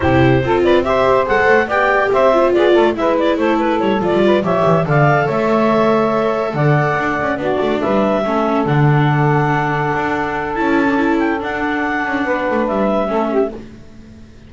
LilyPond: <<
  \new Staff \with { instrumentName = "clarinet" } { \time 4/4 \tempo 4 = 142 c''4. d''8 e''4 fis''4 | g''4 e''4 d''4 e''8 d''8 | c''8 b'8 cis''8 d''4 e''4 f''8~ | f''8 e''2. fis''8~ |
fis''4. d''4 e''4.~ | e''8 fis''2.~ fis''8~ | fis''4 a''4. g''8 fis''4~ | fis''2 e''2 | }
  \new Staff \with { instrumentName = "saxophone" } { \time 4/4 g'4 a'8 b'8 c''2 | d''4 c''4 gis'8 a'8 b'4 | a'2 b'8 cis''4 d''8~ | d''8 cis''2. d''8~ |
d''4. fis'4 b'4 a'8~ | a'1~ | a'1~ | a'4 b'2 a'8 g'8 | }
  \new Staff \with { instrumentName = "viola" } { \time 4/4 e'4 f'4 g'4 a'4 | g'4. f'4. e'4~ | e'4. f'4 g'4 a'8~ | a'1~ |
a'4. d'2 cis'8~ | cis'8 d'2.~ d'8~ | d'4 e'8. d'16 e'4 d'4~ | d'2. cis'4 | }
  \new Staff \with { instrumentName = "double bass" } { \time 4/4 c4 c'2 gis8 a8 | b4 c'4 b8 a8 gis4 | a4 g8 f16 g8. f8 e8 d8~ | d8 a2. d8~ |
d8 d'8 cis'8 b8 a8 g4 a8~ | a8 d2. d'8~ | d'4 cis'2 d'4~ | d'8 cis'8 b8 a8 g4 a4 | }
>>